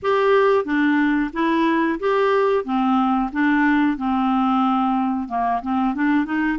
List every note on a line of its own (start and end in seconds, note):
0.02 0.64 G4
0.64 1.30 D4
1.33 1.99 E4
1.99 2.64 G4
2.64 3.30 C4
3.32 3.97 D4
3.97 5.28 C4
5.28 5.61 A#3
5.62 5.94 C4
5.94 6.25 D4
6.25 6.58 D#4